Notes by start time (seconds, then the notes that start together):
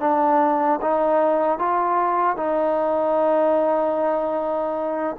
0.00 D4
0.81 D#4
1.59 F4
2.37 D#4